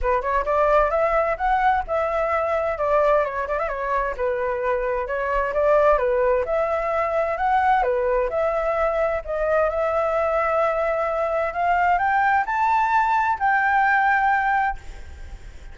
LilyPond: \new Staff \with { instrumentName = "flute" } { \time 4/4 \tempo 4 = 130 b'8 cis''8 d''4 e''4 fis''4 | e''2 d''4 cis''8 d''16 e''16 | cis''4 b'2 cis''4 | d''4 b'4 e''2 |
fis''4 b'4 e''2 | dis''4 e''2.~ | e''4 f''4 g''4 a''4~ | a''4 g''2. | }